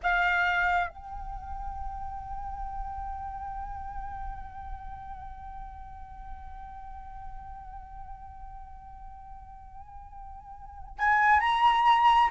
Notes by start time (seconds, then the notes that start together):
0.02 F5
0.89 G5
10.98 G#5
11.40 A#5